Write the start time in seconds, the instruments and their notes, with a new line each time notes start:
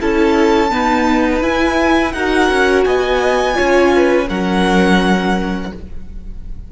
0.00 cello C#4, viola E4, violin A4 A5
0.69 viola B3, cello D#4, violin B4
1.41 viola E4, cello E4, violin G#5
2.12 cello D#4, viola F#4, violin A#4 F#5
2.50 cello C#4
2.84 cello B3, violin D#5 G#5
3.54 cello C#4, viola F4, violin C#5
3.95 violin B4
4.28 cello F#3, viola C#4, violin A#4 F#5